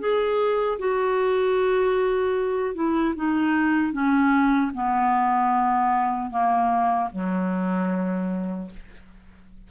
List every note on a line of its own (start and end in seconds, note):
0.00 0.79 G#4
0.79 2.75 F#4
2.75 3.15 E4
3.16 3.93 D#4
3.93 4.72 C#4
4.74 6.31 B3
6.31 7.09 A#3
7.13 8.71 F#3